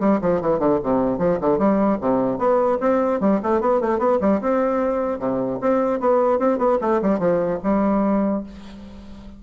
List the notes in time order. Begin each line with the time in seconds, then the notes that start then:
0.00 G3
0.21 F3
0.41 E3
0.59 D3
0.83 C3
1.18 F3
1.41 D3
1.58 G3
2.01 C3
2.38 B3
2.80 C4
3.20 G3
3.43 A3
3.61 B3
3.81 A3
3.99 B3
4.21 G3
4.41 C4
5.19 C3
5.61 C4
6.00 B3
6.39 C4
6.58 B3
6.81 A3
7.02 G3
7.19 F3
7.63 G3